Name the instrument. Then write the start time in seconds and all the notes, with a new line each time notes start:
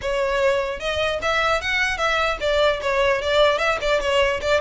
violin
0.01 C#5
0.79 D#5
1.22 E5
1.61 F#5
1.97 E5
2.40 D5
2.81 C#5
3.21 D5
3.58 E5
3.81 D5
4.00 C#5
4.41 D5